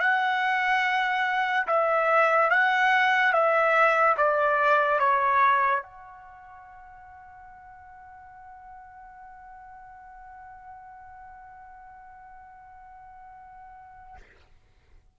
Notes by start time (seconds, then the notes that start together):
0.00 F#5
1.67 E5
2.50 F#5
3.32 E5
4.17 D5
4.99 C#5
5.82 F#5